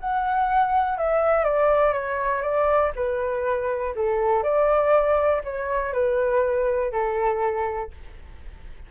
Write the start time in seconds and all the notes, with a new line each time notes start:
0.00 F#5
0.98 E5
1.44 D5
1.93 C#5
2.42 D5
2.96 B4
3.96 A4
4.43 D5
5.44 C#5
5.93 B4
6.92 A4